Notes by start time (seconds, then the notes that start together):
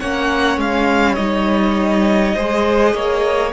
0.00 A#3 C#4 C#5 F#5
0.58 G#3 F5
1.15 G3 D#4 D#5
2.35 G#3 G#4 C5
2.94 A#3 C#5